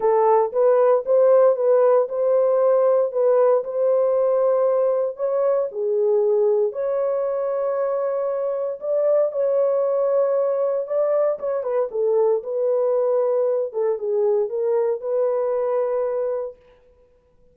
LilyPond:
\new Staff \with { instrumentName = "horn" } { \time 4/4 \tempo 4 = 116 a'4 b'4 c''4 b'4 | c''2 b'4 c''4~ | c''2 cis''4 gis'4~ | gis'4 cis''2.~ |
cis''4 d''4 cis''2~ | cis''4 d''4 cis''8 b'8 a'4 | b'2~ b'8 a'8 gis'4 | ais'4 b'2. | }